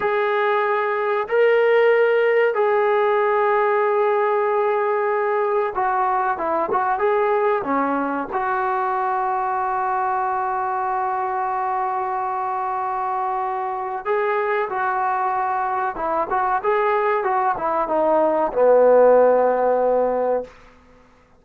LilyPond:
\new Staff \with { instrumentName = "trombone" } { \time 4/4 \tempo 4 = 94 gis'2 ais'2 | gis'1~ | gis'4 fis'4 e'8 fis'8 gis'4 | cis'4 fis'2.~ |
fis'1~ | fis'2 gis'4 fis'4~ | fis'4 e'8 fis'8 gis'4 fis'8 e'8 | dis'4 b2. | }